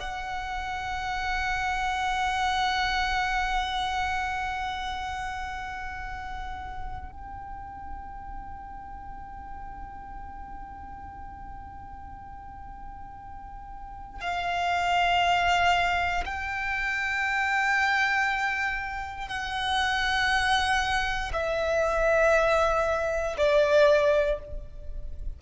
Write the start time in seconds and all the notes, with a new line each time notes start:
0.00 F#5
7.11 G5
14.20 F5
16.25 G5
19.29 F#5
21.33 E5
23.38 D5